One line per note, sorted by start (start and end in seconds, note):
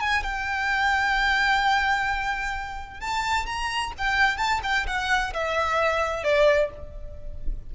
0.00 0.23 G#5
0.23 3.00 G5
3.00 3.46 A5
3.46 3.92 A#5
3.98 4.37 G5
4.37 4.60 A5
4.63 4.86 G5
4.87 5.33 F#5
5.33 6.23 E5
6.23 6.70 D5